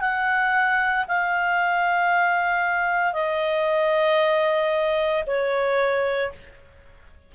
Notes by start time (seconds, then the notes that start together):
0.00 F#5
1.08 F5
3.13 D#5
5.26 C#5